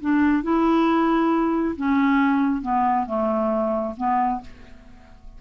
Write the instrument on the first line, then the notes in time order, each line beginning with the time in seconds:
clarinet
0.00 D4
0.43 E4
1.76 C#4
2.62 B3
3.06 A3
3.97 B3